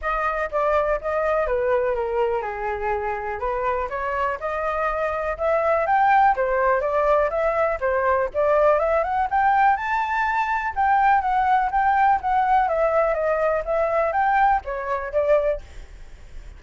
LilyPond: \new Staff \with { instrumentName = "flute" } { \time 4/4 \tempo 4 = 123 dis''4 d''4 dis''4 b'4 | ais'4 gis'2 b'4 | cis''4 dis''2 e''4 | g''4 c''4 d''4 e''4 |
c''4 d''4 e''8 fis''8 g''4 | a''2 g''4 fis''4 | g''4 fis''4 e''4 dis''4 | e''4 g''4 cis''4 d''4 | }